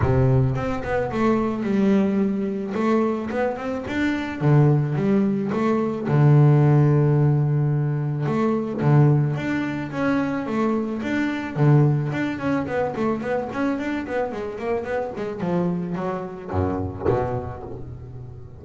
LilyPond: \new Staff \with { instrumentName = "double bass" } { \time 4/4 \tempo 4 = 109 c4 c'8 b8 a4 g4~ | g4 a4 b8 c'8 d'4 | d4 g4 a4 d4~ | d2. a4 |
d4 d'4 cis'4 a4 | d'4 d4 d'8 cis'8 b8 a8 | b8 cis'8 d'8 b8 gis8 ais8 b8 gis8 | f4 fis4 fis,4 b,4 | }